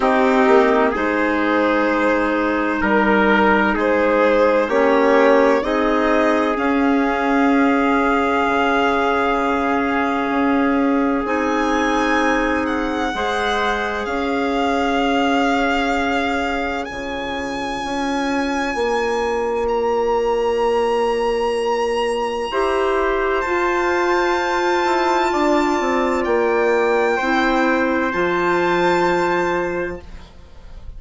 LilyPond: <<
  \new Staff \with { instrumentName = "violin" } { \time 4/4 \tempo 4 = 64 g'4 c''2 ais'4 | c''4 cis''4 dis''4 f''4~ | f''1 | gis''4. fis''4. f''4~ |
f''2 gis''2~ | gis''4 ais''2.~ | ais''4 a''2. | g''2 a''2 | }
  \new Staff \with { instrumentName = "trumpet" } { \time 4/4 dis'4 gis'2 ais'4 | gis'4 g'4 gis'2~ | gis'1~ | gis'2 c''4 cis''4~ |
cis''1~ | cis''1 | c''2. d''4~ | d''4 c''2. | }
  \new Staff \with { instrumentName = "clarinet" } { \time 4/4 c'4 dis'2.~ | dis'4 cis'4 dis'4 cis'4~ | cis'1 | dis'2 gis'2~ |
gis'2 f'2~ | f'1 | g'4 f'2.~ | f'4 e'4 f'2 | }
  \new Staff \with { instrumentName = "bassoon" } { \time 4/4 c'8 ais8 gis2 g4 | gis4 ais4 c'4 cis'4~ | cis'4 cis2 cis'4 | c'2 gis4 cis'4~ |
cis'2 cis4 cis'4 | ais1 | e'4 f'4. e'8 d'8 c'8 | ais4 c'4 f2 | }
>>